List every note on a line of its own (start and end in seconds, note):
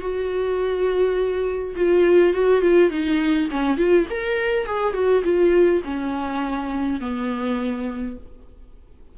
0.00 1.75 F#4
1.76 2.33 F4
2.33 2.61 F#4
2.61 2.90 F4
2.90 3.48 D#4
3.50 3.77 C#4
3.77 4.06 F4
4.09 4.65 A#4
4.65 4.93 G#4
4.93 5.22 F#4
5.23 5.82 F4
5.84 7.00 C#4
7.00 8.16 B3